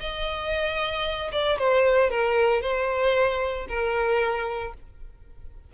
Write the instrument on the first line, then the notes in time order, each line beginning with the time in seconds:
violin
0.00 D#5
1.32 D5
1.59 C5
2.10 A#4
2.62 C5
3.68 A#4